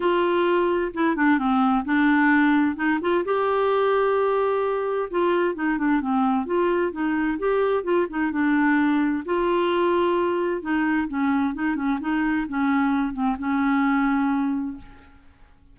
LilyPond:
\new Staff \with { instrumentName = "clarinet" } { \time 4/4 \tempo 4 = 130 f'2 e'8 d'8 c'4 | d'2 dis'8 f'8 g'4~ | g'2. f'4 | dis'8 d'8 c'4 f'4 dis'4 |
g'4 f'8 dis'8 d'2 | f'2. dis'4 | cis'4 dis'8 cis'8 dis'4 cis'4~ | cis'8 c'8 cis'2. | }